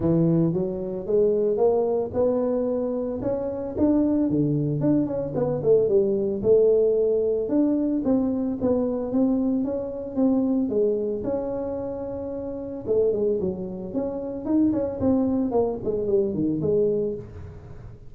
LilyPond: \new Staff \with { instrumentName = "tuba" } { \time 4/4 \tempo 4 = 112 e4 fis4 gis4 ais4 | b2 cis'4 d'4 | d4 d'8 cis'8 b8 a8 g4 | a2 d'4 c'4 |
b4 c'4 cis'4 c'4 | gis4 cis'2. | a8 gis8 fis4 cis'4 dis'8 cis'8 | c'4 ais8 gis8 g8 dis8 gis4 | }